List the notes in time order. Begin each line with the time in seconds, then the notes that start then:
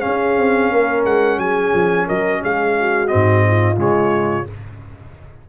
0.00 C#4 G#4 F5
0.06 C#4
0.37 C4
0.71 A#3 A#4
1.05 G#3 F#5
1.37 F#3 G#4 G#5
1.73 F3
2.06 F#3 A#4 D#5
2.41 G#3 G#4 F5
2.79 F#4
3.07 G#2 C4 D#5
3.47 F4
3.76 C#3 G#3 C#5